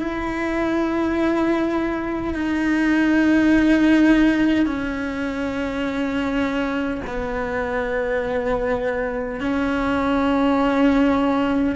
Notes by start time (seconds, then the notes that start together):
0.00 E4
2.34 D#4
4.66 C#4
7.07 B3
9.41 C#4